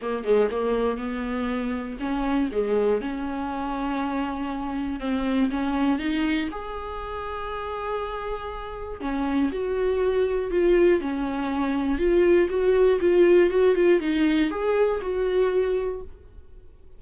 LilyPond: \new Staff \with { instrumentName = "viola" } { \time 4/4 \tempo 4 = 120 ais8 gis8 ais4 b2 | cis'4 gis4 cis'2~ | cis'2 c'4 cis'4 | dis'4 gis'2.~ |
gis'2 cis'4 fis'4~ | fis'4 f'4 cis'2 | f'4 fis'4 f'4 fis'8 f'8 | dis'4 gis'4 fis'2 | }